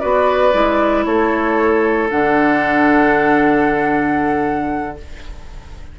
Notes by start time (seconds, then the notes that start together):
0.00 B3 F#4 B4 D5
0.53 G#3 E4
1.05 A3 A4 C#5
2.10 D3 D4 F#5